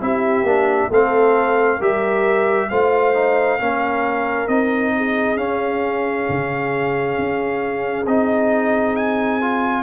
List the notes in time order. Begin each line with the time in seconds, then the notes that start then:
0.00 C4 E4 G4 E5
0.43 A#3 D4
0.90 A3 C4 A4 F5
1.76 G3 G4 A#4 E5
2.69 A3 F4 C5 F5
3.14 D#4
3.59 A#3 C#4 A#4
4.48 C4 D#4 D#5
4.96 G#4
5.37 C#4 F5
6.28 C#3
7.18 C#4
8.06 C4 D#4 D#5
8.96 G#5
9.41 F4